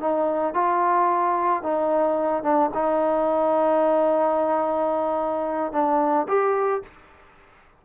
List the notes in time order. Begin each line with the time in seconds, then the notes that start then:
0.00 D#4
0.54 F4
1.63 D#4
2.43 D4
2.74 D#4
5.72 D4
6.28 G4